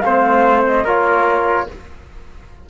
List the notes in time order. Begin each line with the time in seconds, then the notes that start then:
0.00 A3 C4 C5 F5
0.67 D#5
0.84 A#3 F4 A#4 C#5